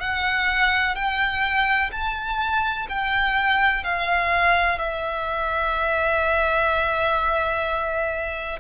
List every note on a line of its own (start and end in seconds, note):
0.00 0.95 F#5
0.95 1.90 G5
1.92 2.87 A5
2.89 3.84 G5
3.84 4.78 F5
4.78 8.59 E5